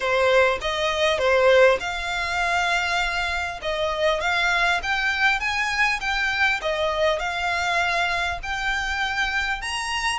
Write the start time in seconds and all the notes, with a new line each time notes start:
0.00 C5
0.61 D#5
1.18 C5
1.80 F5
3.62 D#5
4.21 F5
4.82 G5
5.40 G#5
6.00 G5
6.61 D#5
7.19 F5
8.42 G5
9.61 A#5